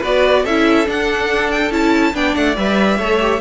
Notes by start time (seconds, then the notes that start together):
0.00 B3 F#4 B4 D5
0.44 C#4 E4 A4 E5
0.86 D4 F#5
1.51 G5
1.71 C#4 E4 A5
2.14 B3 D4 D5 G5
2.35 A3 F#5
2.56 G3 B4 E5
2.98 A3 A4 C#5
3.20 G4